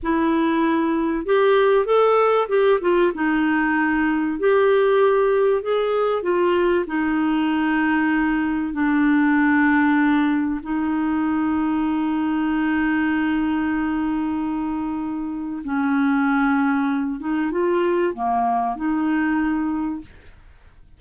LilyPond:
\new Staff \with { instrumentName = "clarinet" } { \time 4/4 \tempo 4 = 96 e'2 g'4 a'4 | g'8 f'8 dis'2 g'4~ | g'4 gis'4 f'4 dis'4~ | dis'2 d'2~ |
d'4 dis'2.~ | dis'1~ | dis'4 cis'2~ cis'8 dis'8 | f'4 ais4 dis'2 | }